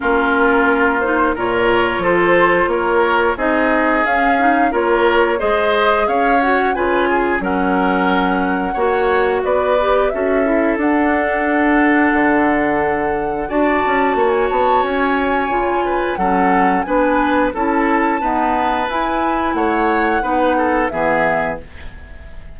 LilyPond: <<
  \new Staff \with { instrumentName = "flute" } { \time 4/4 \tempo 4 = 89 ais'4. c''8 cis''4 c''4 | cis''4 dis''4 f''4 cis''4 | dis''4 f''8 fis''8 gis''4 fis''4~ | fis''2 d''4 e''4 |
fis''1 | a''4~ a''16 gis''16 a''8 gis''2 | fis''4 gis''4 a''2 | gis''4 fis''2 e''4 | }
  \new Staff \with { instrumentName = "oboe" } { \time 4/4 f'2 ais'4 a'4 | ais'4 gis'2 ais'4 | c''4 cis''4 b'8 gis'8 ais'4~ | ais'4 cis''4 b'4 a'4~ |
a'1 | d''4 cis''2~ cis''8 b'8 | a'4 b'4 a'4 b'4~ | b'4 cis''4 b'8 a'8 gis'4 | }
  \new Staff \with { instrumentName = "clarinet" } { \time 4/4 cis'4. dis'8 f'2~ | f'4 dis'4 cis'8 dis'8 f'4 | gis'4. fis'8 f'4 cis'4~ | cis'4 fis'4. g'8 fis'8 e'8 |
d'1 | fis'2. f'4 | cis'4 d'4 e'4 b4 | e'2 dis'4 b4 | }
  \new Staff \with { instrumentName = "bassoon" } { \time 4/4 ais2 ais,4 f4 | ais4 c'4 cis'4 ais4 | gis4 cis'4 cis4 fis4~ | fis4 ais4 b4 cis'4 |
d'2 d2 | d'8 cis'8 ais8 b8 cis'4 cis4 | fis4 b4 cis'4 dis'4 | e'4 a4 b4 e4 | }
>>